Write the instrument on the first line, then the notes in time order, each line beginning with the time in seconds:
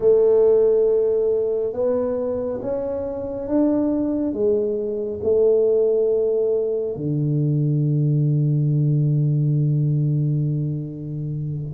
tuba
0.00 A3
1.73 B3
2.61 C#4
3.47 D4
4.33 G#3
5.23 A3
6.96 D3